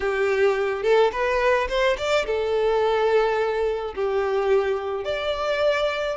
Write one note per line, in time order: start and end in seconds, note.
0.00 0.83 G4
0.83 1.11 A4
1.12 1.68 B4
1.68 1.97 C5
1.97 2.25 D5
2.26 3.94 A4
3.95 5.04 G4
5.04 6.16 D5